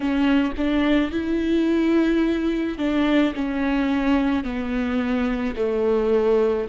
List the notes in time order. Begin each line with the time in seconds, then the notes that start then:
0.00 C#4
0.57 D4
1.11 E4
2.78 D4
3.34 C#4
4.43 B3
5.56 A3